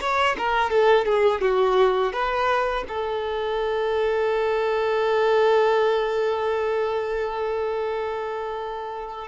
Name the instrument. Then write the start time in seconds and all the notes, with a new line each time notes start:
violin
0.00 C#5
0.37 A#4
0.69 A4
1.05 G#4
1.41 F#4
2.12 B4
2.88 A4